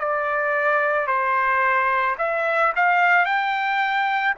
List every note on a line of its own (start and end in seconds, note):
0.00 1.07 D5
1.07 2.16 C5
2.19 2.73 E5
2.76 3.25 F5
3.25 4.34 G5